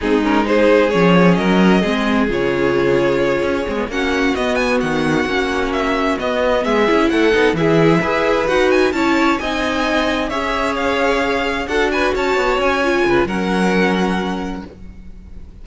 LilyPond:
<<
  \new Staff \with { instrumentName = "violin" } { \time 4/4 \tempo 4 = 131 gis'8 ais'8 c''4 cis''4 dis''4~ | dis''4 cis''2.~ | cis''8 fis''4 dis''8 gis''8 fis''4.~ | fis''8 e''4 dis''4 e''4 fis''8~ |
fis''8 e''2 fis''8 gis''8 a''8~ | a''8 gis''2 e''4 f''8~ | f''4. fis''8 gis''8 a''4 gis''8~ | gis''4 fis''2. | }
  \new Staff \with { instrumentName = "violin" } { \time 4/4 dis'4 gis'2 ais'4 | gis'1~ | gis'8 fis'2.~ fis'8~ | fis'2~ fis'8 gis'4 a'8~ |
a'8 gis'4 b'2 cis''8~ | cis''8 dis''2 cis''4.~ | cis''4. a'8 b'8 cis''4.~ | cis''8 b'8 ais'2. | }
  \new Staff \with { instrumentName = "viola" } { \time 4/4 c'8 cis'8 dis'4 cis'2 | c'4 f'2. | c'16 b16 cis'4 b2 cis'8~ | cis'4. b4. e'4 |
dis'8 e'4 gis'4 fis'4 e'8~ | e'8 dis'2 gis'4.~ | gis'4. fis'2~ fis'8 | f'4 cis'2. | }
  \new Staff \with { instrumentName = "cello" } { \time 4/4 gis2 f4 fis4 | gis4 cis2~ cis8 cis'8 | gis8 ais4 b4 dis4 ais8~ | ais4. b4 gis8 cis'8 a8 |
b8 e4 e'4 dis'4 cis'8~ | cis'8 c'2 cis'4.~ | cis'4. d'4 cis'8 b8 cis'8~ | cis'8 cis8 fis2. | }
>>